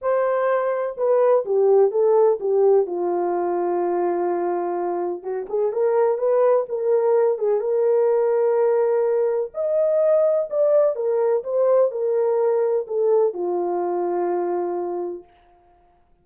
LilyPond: \new Staff \with { instrumentName = "horn" } { \time 4/4 \tempo 4 = 126 c''2 b'4 g'4 | a'4 g'4 f'2~ | f'2. fis'8 gis'8 | ais'4 b'4 ais'4. gis'8 |
ais'1 | dis''2 d''4 ais'4 | c''4 ais'2 a'4 | f'1 | }